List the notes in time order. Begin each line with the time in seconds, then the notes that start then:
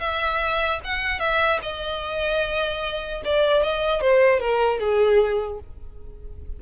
0.00 E5
0.85 F#5
1.20 E5
1.63 D#5
3.25 D5
3.63 D#5
4.01 C5
4.40 A#4
4.80 G#4